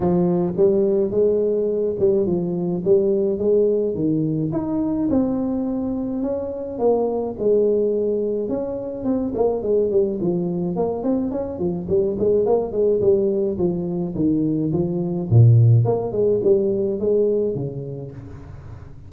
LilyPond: \new Staff \with { instrumentName = "tuba" } { \time 4/4 \tempo 4 = 106 f4 g4 gis4. g8 | f4 g4 gis4 dis4 | dis'4 c'2 cis'4 | ais4 gis2 cis'4 |
c'8 ais8 gis8 g8 f4 ais8 c'8 | cis'8 f8 g8 gis8 ais8 gis8 g4 | f4 dis4 f4 ais,4 | ais8 gis8 g4 gis4 cis4 | }